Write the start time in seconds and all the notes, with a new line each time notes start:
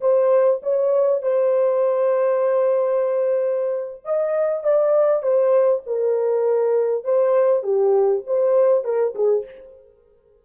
0.00 C5
0.62 C#5
1.22 C5
4.04 D#5
4.63 D5
5.22 C5
5.86 A#4
7.04 C5
7.63 G4
8.26 C5
8.84 A#4
9.15 G#4